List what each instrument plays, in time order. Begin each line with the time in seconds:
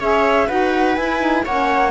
0.00 cello C#4, saxophone G#4, viola C#5, flute E5
0.47 cello D#4, saxophone F#4, viola B4, flute F#5
0.96 cello E4, saxophone E4, flute G#5
1.20 saxophone D#4
1.45 cello A#3, saxophone C#4, viola C#5, flute F#5